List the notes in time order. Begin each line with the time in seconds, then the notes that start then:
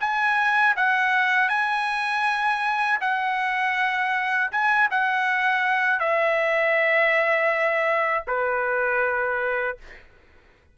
0.00 G#5
0.76 F#5
1.49 G#5
3.01 F#5
4.51 G#5
4.91 F#5
5.99 E5
8.27 B4